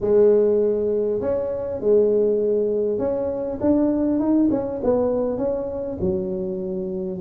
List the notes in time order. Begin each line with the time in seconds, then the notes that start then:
0.00 G#3
1.20 C#4
1.80 G#3
2.98 C#4
3.61 D4
4.19 D#4
4.50 C#4
4.83 B3
5.37 C#4
6.00 F#3